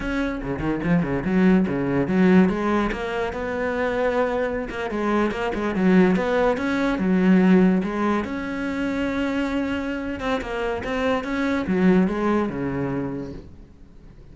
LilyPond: \new Staff \with { instrumentName = "cello" } { \time 4/4 \tempo 4 = 144 cis'4 cis8 dis8 f8 cis8 fis4 | cis4 fis4 gis4 ais4 | b2.~ b16 ais8 gis16~ | gis8. ais8 gis8 fis4 b4 cis'16~ |
cis'8. fis2 gis4 cis'16~ | cis'1~ | cis'8 c'8 ais4 c'4 cis'4 | fis4 gis4 cis2 | }